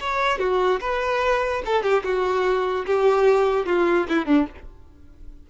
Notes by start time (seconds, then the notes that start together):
0.00 C#5
0.39 F#4
0.81 B4
1.65 A4
1.83 G4
2.04 F#4
2.86 G4
3.66 F4
4.09 E4
4.26 D4